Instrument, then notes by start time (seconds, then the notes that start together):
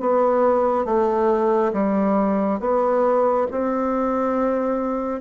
bassoon
0.00 B3
0.85 A3
1.73 G3
2.60 B3
3.51 C4